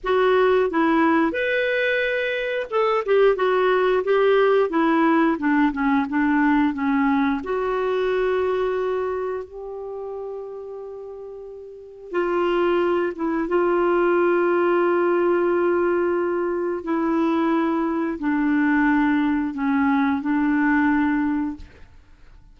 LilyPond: \new Staff \with { instrumentName = "clarinet" } { \time 4/4 \tempo 4 = 89 fis'4 e'4 b'2 | a'8 g'8 fis'4 g'4 e'4 | d'8 cis'8 d'4 cis'4 fis'4~ | fis'2 g'2~ |
g'2 f'4. e'8 | f'1~ | f'4 e'2 d'4~ | d'4 cis'4 d'2 | }